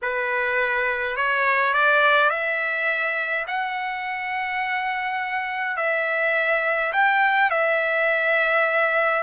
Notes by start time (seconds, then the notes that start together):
0.02 B4
1.16 C#5
1.73 D5
2.30 E5
3.47 F#5
5.76 E5
6.92 G5
7.50 E5